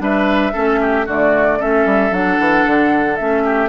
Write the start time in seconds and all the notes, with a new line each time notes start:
0.00 G3 D4 B4 E5
0.53 A3 C#4 A4
0.81 G4
1.06 D3 A3 F#4 D5
1.59 A3 C#4 A4 E5
1.86 G3
2.11 F#3 D4 F#5
2.39 E3
2.67 D3
3.16 A3 C#4 E5
3.45 G4